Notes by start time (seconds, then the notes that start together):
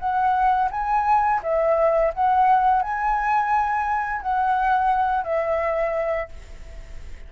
0.00 F#5
0.72 G#5
1.43 E5
2.14 F#5
2.83 G#5
4.22 F#5
5.25 E5